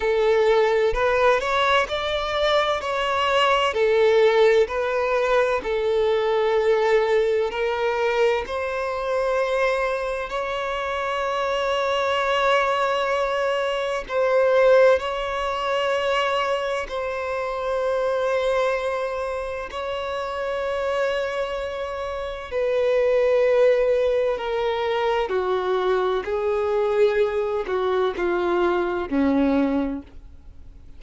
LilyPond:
\new Staff \with { instrumentName = "violin" } { \time 4/4 \tempo 4 = 64 a'4 b'8 cis''8 d''4 cis''4 | a'4 b'4 a'2 | ais'4 c''2 cis''4~ | cis''2. c''4 |
cis''2 c''2~ | c''4 cis''2. | b'2 ais'4 fis'4 | gis'4. fis'8 f'4 cis'4 | }